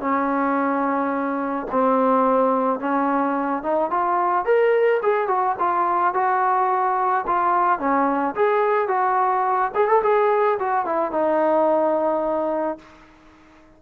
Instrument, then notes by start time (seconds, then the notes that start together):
trombone
0.00 C#4
1.71 C4
2.79 C#4
3.62 D#4
3.90 F4
4.45 A#4
5.02 G#4
5.27 F#4
5.59 F4
6.14 F#4
7.27 F4
7.79 C#4
8.35 G#4
8.88 F#4
9.74 G#4
9.88 A4
10.03 G#4
10.59 F#4
10.85 E4
11.11 D#4